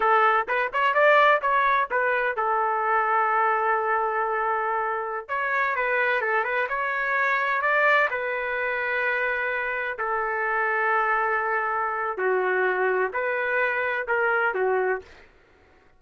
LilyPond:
\new Staff \with { instrumentName = "trumpet" } { \time 4/4 \tempo 4 = 128 a'4 b'8 cis''8 d''4 cis''4 | b'4 a'2.~ | a'2.~ a'16 cis''8.~ | cis''16 b'4 a'8 b'8 cis''4.~ cis''16~ |
cis''16 d''4 b'2~ b'8.~ | b'4~ b'16 a'2~ a'8.~ | a'2 fis'2 | b'2 ais'4 fis'4 | }